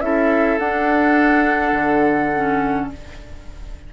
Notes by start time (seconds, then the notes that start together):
0.00 C#4 E4 A4 E5
0.58 D4 F#5
1.72 D3
2.35 C#4